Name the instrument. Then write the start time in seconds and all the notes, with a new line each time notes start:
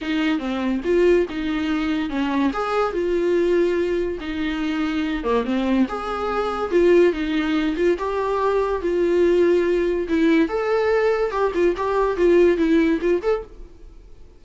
viola
0.01 D#4
0.39 C4
0.84 F4
1.29 D#4
2.09 C#4
2.53 G#4
2.92 F4
4.20 D#4
5.23 A#3
5.44 C4
5.88 G#4
6.71 F4
7.12 D#4
7.76 F4
7.98 G4
8.81 F4
10.08 E4
10.48 A4
11.31 G4
11.54 F4
11.77 G4
12.16 F4
12.57 E4
13.01 F4
13.22 A4